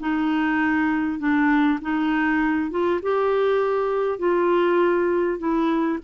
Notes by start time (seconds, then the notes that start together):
0.00 D#4
1.19 D4
1.81 D#4
2.71 F4
3.02 G4
4.19 F4
5.39 E4